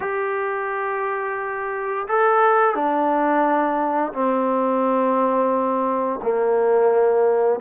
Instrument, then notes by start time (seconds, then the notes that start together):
trombone
0.00 G4
2.08 A4
2.74 D4
4.13 C4
6.22 A#3